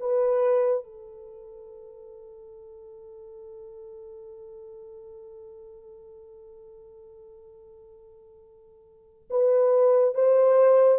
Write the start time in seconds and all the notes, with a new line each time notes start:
0.00 B4
0.84 A4
9.30 B4
10.14 C5